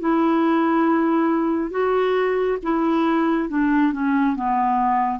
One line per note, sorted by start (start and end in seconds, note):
0.00 1.71 E4
1.71 2.58 F#4
2.62 3.49 E4
3.49 3.92 D4
3.92 4.36 C#4
4.36 5.19 B3